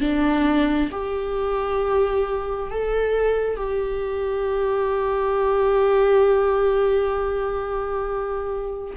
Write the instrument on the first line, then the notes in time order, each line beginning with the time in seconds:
viola
0.00 D4
0.91 G4
2.70 A4
3.56 G4